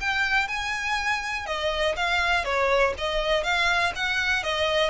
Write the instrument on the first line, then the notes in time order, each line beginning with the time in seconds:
violin
0.00 G5
0.48 G#5
1.46 D#5
1.96 F5
2.44 C#5
2.97 D#5
3.43 F5
3.95 F#5
4.43 D#5